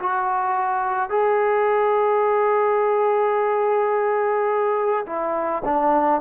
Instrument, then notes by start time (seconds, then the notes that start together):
trombone
0.00 F#4
1.10 G#4
5.06 E4
5.65 D4